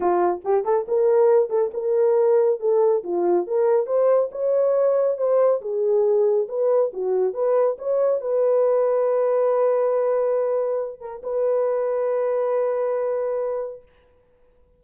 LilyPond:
\new Staff \with { instrumentName = "horn" } { \time 4/4 \tempo 4 = 139 f'4 g'8 a'8 ais'4. a'8 | ais'2 a'4 f'4 | ais'4 c''4 cis''2 | c''4 gis'2 b'4 |
fis'4 b'4 cis''4 b'4~ | b'1~ | b'4. ais'8 b'2~ | b'1 | }